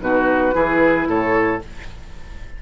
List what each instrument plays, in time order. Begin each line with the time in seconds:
0.00 bassoon B2, clarinet D#4, oboe F#4, flute B4
0.52 bassoon E3, clarinet E4, oboe G#4
1.07 bassoon A2, oboe A4, flute C#5